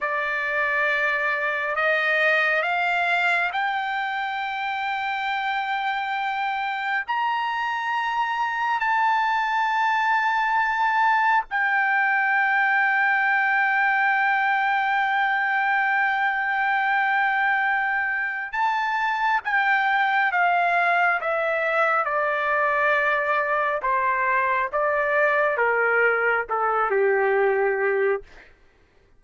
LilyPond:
\new Staff \with { instrumentName = "trumpet" } { \time 4/4 \tempo 4 = 68 d''2 dis''4 f''4 | g''1 | ais''2 a''2~ | a''4 g''2.~ |
g''1~ | g''4 a''4 g''4 f''4 | e''4 d''2 c''4 | d''4 ais'4 a'8 g'4. | }